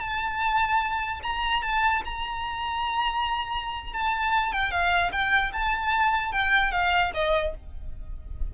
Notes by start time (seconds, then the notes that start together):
0.00 A5
1.23 A#5
1.62 A5
2.05 A#5
3.93 A5
4.52 G5
4.71 F5
5.12 G5
5.53 A5
6.32 G5
6.72 F5
7.14 D#5